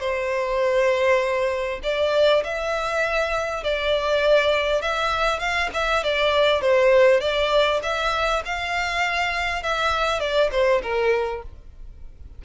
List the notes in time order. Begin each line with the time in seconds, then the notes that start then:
0.00 C5
1.83 D5
2.44 E5
3.64 D5
4.82 E5
5.40 F5
5.74 E5
6.04 D5
6.61 C5
7.20 D5
7.83 E5
8.45 F5
9.63 E5
10.20 D5
10.52 C5
10.82 A#4